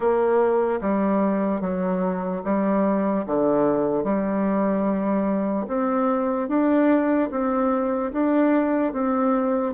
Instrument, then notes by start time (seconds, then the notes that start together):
bassoon
0.00 A#3
0.81 G3
1.60 F#3
2.44 G3
3.26 D3
4.04 G3
5.67 C4
6.48 D4
7.30 C4
8.12 D4
8.92 C4